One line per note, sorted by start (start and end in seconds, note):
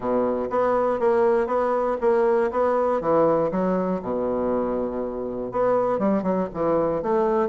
0.00 0.48 B2
0.50 0.99 B3
0.99 1.47 A#3
1.47 1.97 B3
2.00 2.50 A#3
2.51 3.00 B3
3.00 3.50 E3
3.51 4.01 F#3
4.02 5.51 B2
5.51 5.98 B3
5.98 6.22 G3
6.22 6.47 F#3
6.53 7.02 E3
7.02 7.48 A3